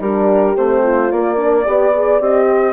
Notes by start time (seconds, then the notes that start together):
0.00 G3 D4 G4 A#4
0.55 A3 C4 C5
0.82 F4
1.11 A#3 D5
1.36 D4 A#4
1.63 B3 G4 D5
1.93 G#4
2.20 C4 G4 D#5
2.48 C5